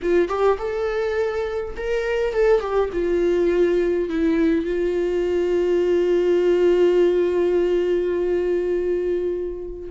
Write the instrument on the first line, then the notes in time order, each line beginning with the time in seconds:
viola
0.02 F4
0.28 G4
0.58 A4
1.76 A#4
2.33 A4
2.60 G4
2.93 F4
4.09 E4
4.65 F4